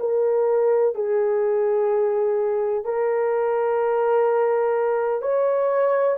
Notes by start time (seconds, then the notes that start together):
0.00 A#4
0.95 G#4
2.85 A#4
5.22 C#5